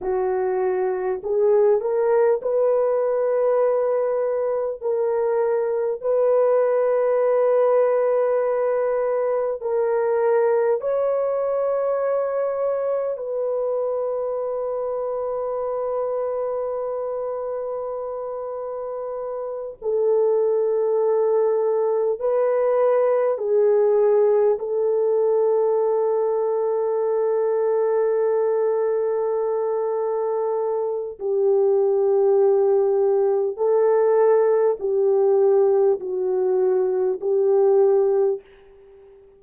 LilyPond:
\new Staff \with { instrumentName = "horn" } { \time 4/4 \tempo 4 = 50 fis'4 gis'8 ais'8 b'2 | ais'4 b'2. | ais'4 cis''2 b'4~ | b'1~ |
b'8 a'2 b'4 gis'8~ | gis'8 a'2.~ a'8~ | a'2 g'2 | a'4 g'4 fis'4 g'4 | }